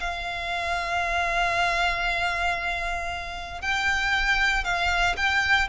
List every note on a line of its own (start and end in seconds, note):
0.00 3.62 F5
3.62 4.64 G5
4.64 5.16 F5
5.17 5.69 G5